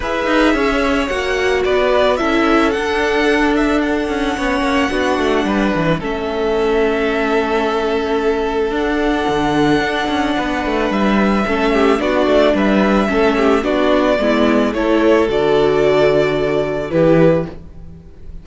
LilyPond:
<<
  \new Staff \with { instrumentName = "violin" } { \time 4/4 \tempo 4 = 110 e''2 fis''4 d''4 | e''4 fis''4. e''8 fis''4~ | fis''2. e''4~ | e''1 |
fis''1 | e''2 d''4 e''4~ | e''4 d''2 cis''4 | d''2. b'4 | }
  \new Staff \with { instrumentName = "violin" } { \time 4/4 b'4 cis''2 b'4 | a'1 | cis''4 fis'4 b'4 a'4~ | a'1~ |
a'2. b'4~ | b'4 a'8 g'8 fis'4 b'4 | a'8 g'8 fis'4 e'4 a'4~ | a'2. g'4 | }
  \new Staff \with { instrumentName = "viola" } { \time 4/4 gis'2 fis'2 | e'4 d'2. | cis'4 d'2 cis'4~ | cis'1 |
d'1~ | d'4 cis'4 d'2 | cis'4 d'4 b4 e'4 | fis'2. e'4 | }
  \new Staff \with { instrumentName = "cello" } { \time 4/4 e'8 dis'8 cis'4 ais4 b4 | cis'4 d'2~ d'8 cis'8 | b8 ais8 b8 a8 g8 e8 a4~ | a1 |
d'4 d4 d'8 cis'8 b8 a8 | g4 a4 b8 a8 g4 | a4 b4 gis4 a4 | d2. e4 | }
>>